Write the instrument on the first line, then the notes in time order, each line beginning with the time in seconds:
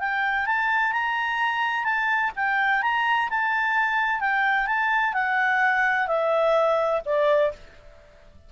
clarinet
0.00 G5
0.47 A5
0.92 A#5
1.85 A5
2.36 G5
2.82 A#5
3.30 A5
4.20 G5
4.67 A5
5.14 F#5
6.08 E5
7.06 D5